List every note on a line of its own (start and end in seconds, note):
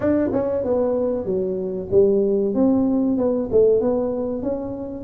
0.00 0.30 D4
0.32 0.63 C#4
0.63 1.25 B3
1.25 1.88 F#3
1.91 2.54 G3
2.54 3.17 C4
3.17 3.49 B3
3.51 3.80 A3
3.80 4.42 B3
4.42 5.04 C#4